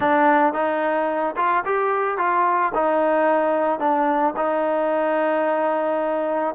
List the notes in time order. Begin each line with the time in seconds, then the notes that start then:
0.00 D4
0.53 D#4
1.36 F4
1.65 G4
2.17 F4
2.74 D#4
3.79 D4
4.36 D#4